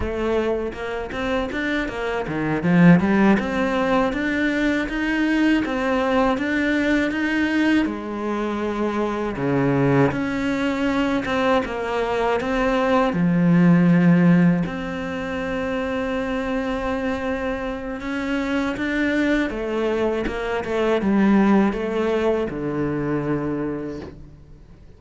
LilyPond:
\new Staff \with { instrumentName = "cello" } { \time 4/4 \tempo 4 = 80 a4 ais8 c'8 d'8 ais8 dis8 f8 | g8 c'4 d'4 dis'4 c'8~ | c'8 d'4 dis'4 gis4.~ | gis8 cis4 cis'4. c'8 ais8~ |
ais8 c'4 f2 c'8~ | c'1 | cis'4 d'4 a4 ais8 a8 | g4 a4 d2 | }